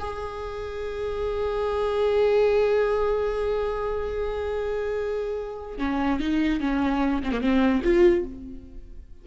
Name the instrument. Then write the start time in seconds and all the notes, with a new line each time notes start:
viola
0.00 G#4
5.79 C#4
6.20 D#4
6.61 C#4
7.24 C4
7.32 A#3
7.41 C4
7.84 F4